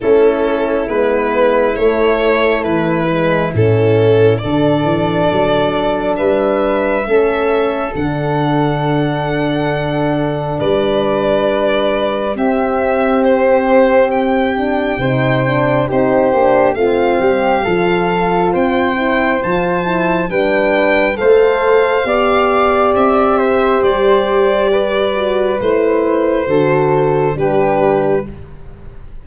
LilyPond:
<<
  \new Staff \with { instrumentName = "violin" } { \time 4/4 \tempo 4 = 68 a'4 b'4 cis''4 b'4 | a'4 d''2 e''4~ | e''4 fis''2. | d''2 e''4 c''4 |
g''2 c''4 f''4~ | f''4 g''4 a''4 g''4 | f''2 e''4 d''4~ | d''4 c''2 b'4 | }
  \new Staff \with { instrumentName = "flute" } { \time 4/4 e'1~ | e'4 a'2 b'4 | a'1 | b'2 g'2~ |
g'4 c''4 g'4 f'8 g'8 | a'4 c''2 b'4 | c''4 d''4. c''4. | b'2 a'4 g'4 | }
  \new Staff \with { instrumentName = "horn" } { \time 4/4 cis'4 b4 a4. gis8 | cis'4 d'2. | cis'4 d'2.~ | d'2 c'2~ |
c'8 d'8 dis'8 d'8 dis'8 d'8 c'4 | f'4. e'8 f'8 e'8 d'4 | a'4 g'2.~ | g'8 fis'8 e'4 fis'4 d'4 | }
  \new Staff \with { instrumentName = "tuba" } { \time 4/4 a4 gis4 a4 e4 | a,4 d8 e8 fis4 g4 | a4 d2. | g2 c'2~ |
c'4 c4 c'8 ais8 a8 g8 | f4 c'4 f4 g4 | a4 b4 c'4 g4~ | g4 a4 d4 g4 | }
>>